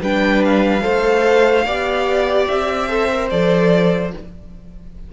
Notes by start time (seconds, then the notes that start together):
0.00 G3 D4 B4 G5
0.44 F5
0.80 A3 A4 C5
1.65 B3 G4 D5
2.47 C4 E5
2.89 A4 C5
3.12 A#4
3.30 F3 A4 D5